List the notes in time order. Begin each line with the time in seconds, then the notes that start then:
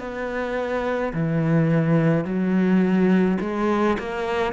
0.00 B3
1.14 E3
2.25 F#3
3.41 G#3
4.00 A#3